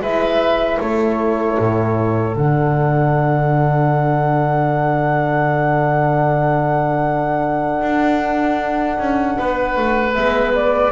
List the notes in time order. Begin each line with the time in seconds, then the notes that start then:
0.00 G#3 E4 B4 E5
0.79 A3 A4 C#5
1.58 A2
2.35 D3 D4 F#5
7.81 D4
8.98 C#4
9.38 B3 B4
9.77 A3
10.14 G#3 B3 E5
10.54 D5